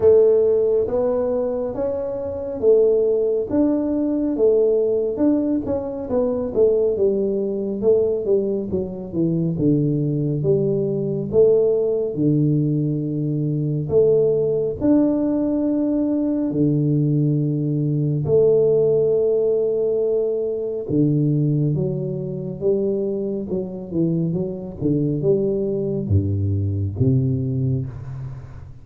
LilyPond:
\new Staff \with { instrumentName = "tuba" } { \time 4/4 \tempo 4 = 69 a4 b4 cis'4 a4 | d'4 a4 d'8 cis'8 b8 a8 | g4 a8 g8 fis8 e8 d4 | g4 a4 d2 |
a4 d'2 d4~ | d4 a2. | d4 fis4 g4 fis8 e8 | fis8 d8 g4 g,4 c4 | }